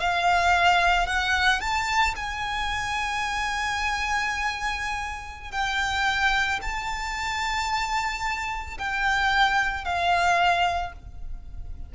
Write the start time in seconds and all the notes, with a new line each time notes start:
0.00 F5
1.07 F#5
1.61 A5
2.16 G#5
5.52 G5
6.62 A5
8.79 G5
9.85 F5